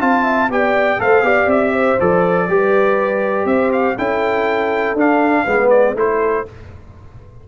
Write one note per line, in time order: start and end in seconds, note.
0.00 0.51 C4
0.00 0.50 F4
0.00 0.24 F5
0.00 0.51 A5
0.24 0.49 E5
0.51 1.00 B3
0.51 0.99 G4
0.51 1.02 D5
0.51 1.01 G5
0.99 1.23 A3
0.99 1.24 A4
0.99 1.24 C5
0.99 1.50 F5
1.23 1.47 B3
1.23 1.98 G4
1.23 1.73 D5
1.47 1.96 C4
1.47 2.00 E5
1.73 2.47 C5
2.00 2.49 F3
2.00 2.49 A4
2.00 3.47 D5
2.49 3.46 G3
2.49 3.98 G4
2.49 3.48 B4
3.46 3.95 C4
3.46 3.98 C5
3.46 3.71 E5
3.73 3.97 F5
3.98 4.95 C#4
3.98 4.97 E4
3.98 5.44 A4
3.98 4.98 G5
4.95 5.44 D4
4.95 5.47 D4
4.95 5.70 F5
5.44 5.95 G#3
5.44 5.96 B3
5.44 5.94 B4
5.70 5.95 D5
5.95 6.45 A3
5.95 6.45 E4
5.95 6.47 A4
5.95 6.48 C5